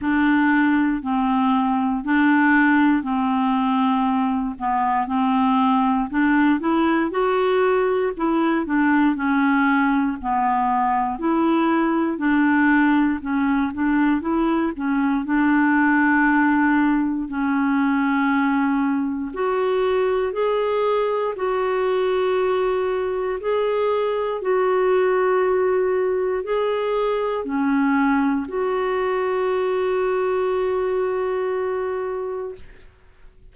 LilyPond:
\new Staff \with { instrumentName = "clarinet" } { \time 4/4 \tempo 4 = 59 d'4 c'4 d'4 c'4~ | c'8 b8 c'4 d'8 e'8 fis'4 | e'8 d'8 cis'4 b4 e'4 | d'4 cis'8 d'8 e'8 cis'8 d'4~ |
d'4 cis'2 fis'4 | gis'4 fis'2 gis'4 | fis'2 gis'4 cis'4 | fis'1 | }